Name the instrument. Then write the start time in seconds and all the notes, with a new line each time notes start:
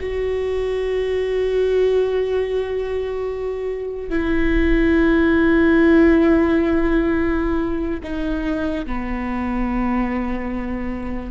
viola
0.00 F#4
4.10 E4
8.03 D#4
8.86 B3